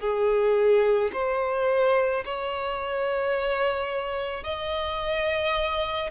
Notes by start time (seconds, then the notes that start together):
0.00 G#4
1.13 C5
2.25 C#5
4.43 D#5